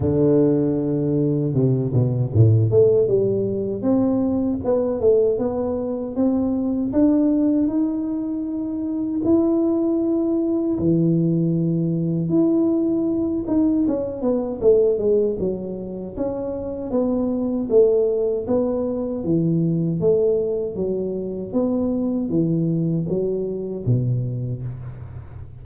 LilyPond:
\new Staff \with { instrumentName = "tuba" } { \time 4/4 \tempo 4 = 78 d2 c8 b,8 a,8 a8 | g4 c'4 b8 a8 b4 | c'4 d'4 dis'2 | e'2 e2 |
e'4. dis'8 cis'8 b8 a8 gis8 | fis4 cis'4 b4 a4 | b4 e4 a4 fis4 | b4 e4 fis4 b,4 | }